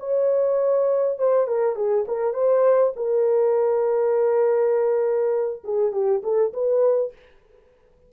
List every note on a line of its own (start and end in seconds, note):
0.00 1.19 C#5
1.19 1.47 C5
1.47 1.76 A#4
1.76 2.05 G#4
2.08 2.34 A#4
2.34 2.94 C5
2.96 5.64 A#4
5.64 5.92 G#4
5.92 6.22 G4
6.24 6.53 A4
6.53 7.13 B4